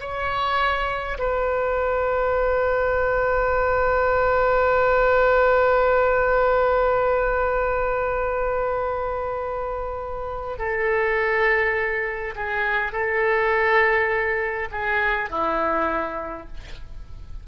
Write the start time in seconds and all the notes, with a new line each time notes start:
0.00 C#5
1.18 B4
10.58 A4
12.35 G#4
12.92 A4
14.72 G#4
15.30 E4